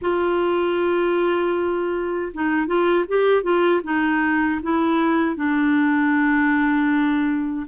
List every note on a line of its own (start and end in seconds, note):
0.01 2.32 F4
2.33 2.66 D#4
2.66 3.05 F4
3.08 3.42 G4
3.42 3.81 F4
3.83 4.60 D#4
4.62 5.36 E4
5.36 7.66 D4